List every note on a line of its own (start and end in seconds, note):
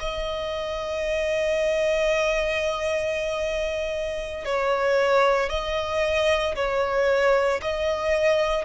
0.00 4.45 D#5
4.45 5.50 C#5
5.50 6.55 D#5
6.56 7.61 C#5
7.62 8.65 D#5